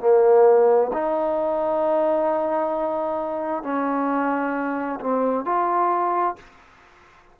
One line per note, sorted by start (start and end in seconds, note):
0.00 0.91 A#3
0.93 3.63 D#4
3.63 5.00 C#4
5.00 5.45 C4
5.45 6.36 F4